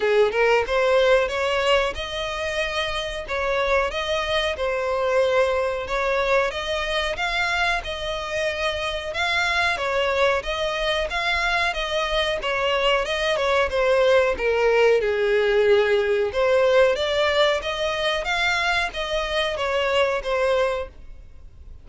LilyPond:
\new Staff \with { instrumentName = "violin" } { \time 4/4 \tempo 4 = 92 gis'8 ais'8 c''4 cis''4 dis''4~ | dis''4 cis''4 dis''4 c''4~ | c''4 cis''4 dis''4 f''4 | dis''2 f''4 cis''4 |
dis''4 f''4 dis''4 cis''4 | dis''8 cis''8 c''4 ais'4 gis'4~ | gis'4 c''4 d''4 dis''4 | f''4 dis''4 cis''4 c''4 | }